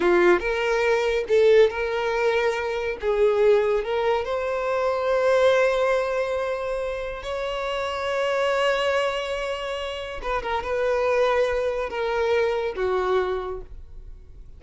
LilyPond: \new Staff \with { instrumentName = "violin" } { \time 4/4 \tempo 4 = 141 f'4 ais'2 a'4 | ais'2. gis'4~ | gis'4 ais'4 c''2~ | c''1~ |
c''4 cis''2.~ | cis''1 | b'8 ais'8 b'2. | ais'2 fis'2 | }